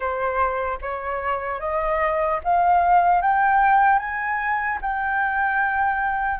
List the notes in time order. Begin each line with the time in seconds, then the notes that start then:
0.00 C5
0.81 C#5
1.60 D#5
2.44 F5
3.21 G5
3.99 G#5
4.81 G5